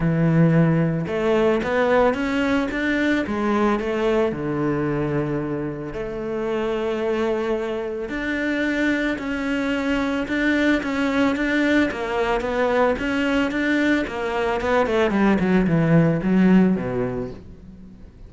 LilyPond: \new Staff \with { instrumentName = "cello" } { \time 4/4 \tempo 4 = 111 e2 a4 b4 | cis'4 d'4 gis4 a4 | d2. a4~ | a2. d'4~ |
d'4 cis'2 d'4 | cis'4 d'4 ais4 b4 | cis'4 d'4 ais4 b8 a8 | g8 fis8 e4 fis4 b,4 | }